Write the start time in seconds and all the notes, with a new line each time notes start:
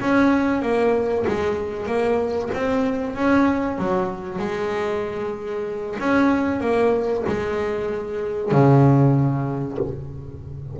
0.00 C#4
0.62 A#3
1.27 G#3
1.86 A#3
2.54 C4
3.15 C#4
3.78 F#3
4.39 G#3
5.99 C#4
6.60 A#3
7.27 G#3
8.51 C#3